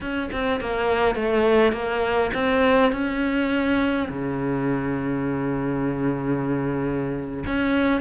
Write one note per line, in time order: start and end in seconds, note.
0.01 0.30 C#4
0.32 0.60 C4
0.60 1.15 A#3
1.15 1.72 A3
1.72 2.30 A#3
2.34 2.92 C4
2.92 4.08 C#4
4.09 7.44 C#3
7.46 8.00 C#4